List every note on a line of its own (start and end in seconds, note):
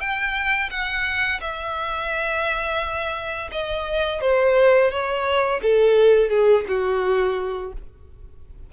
0.00 0.70 G5
0.70 1.40 F#5
1.41 3.50 E5
3.52 4.21 D#5
4.21 4.91 C5
4.91 5.61 C#5
5.62 6.30 A4
6.30 6.65 G#4
6.68 7.73 F#4